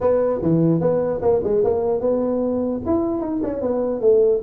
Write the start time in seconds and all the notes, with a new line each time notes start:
0.00 B3
0.41 E3
0.80 B3
1.21 A#3
1.43 G#3
1.64 A#3
2.00 B3
2.85 E4
3.20 D#4
3.43 C#4
3.61 B3
4.00 A3